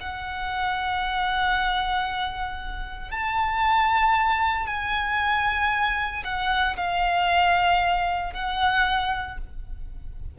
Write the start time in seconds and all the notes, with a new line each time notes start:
0.00 F#5
3.11 A5
4.66 G#5
6.24 F#5
6.77 F5
8.33 F#5